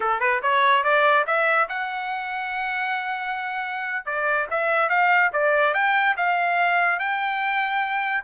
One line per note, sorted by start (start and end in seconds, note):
0.00 0.20 A4
0.20 0.41 B4
0.42 0.83 C#5
0.83 1.25 D5
1.26 1.68 E5
1.69 4.05 F#5
4.05 4.47 D5
4.50 4.89 E5
4.89 5.30 F5
5.32 5.73 D5
5.73 6.15 G5
6.16 6.99 F5
6.99 8.24 G5